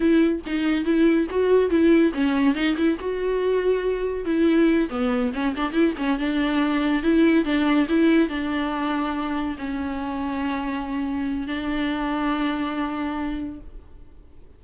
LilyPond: \new Staff \with { instrumentName = "viola" } { \time 4/4 \tempo 4 = 141 e'4 dis'4 e'4 fis'4 | e'4 cis'4 dis'8 e'8 fis'4~ | fis'2 e'4. b8~ | b8 cis'8 d'8 e'8 cis'8 d'4.~ |
d'8 e'4 d'4 e'4 d'8~ | d'2~ d'8 cis'4.~ | cis'2. d'4~ | d'1 | }